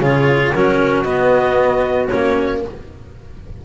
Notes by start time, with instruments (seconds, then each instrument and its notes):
0.00 double bass C#3, cello F4, clarinet G#4 C#5
0.52 double bass F#3, cello C#4, clarinet F#4 A#4
1.03 cello B3, double bass B3, clarinet D#5
2.08 double bass A#3, cello C#4, clarinet C#5